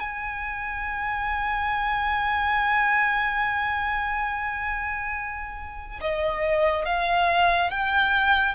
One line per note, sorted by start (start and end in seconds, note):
0.00 6.00 G#5
6.01 6.85 D#5
6.85 7.70 F5
7.70 8.55 G5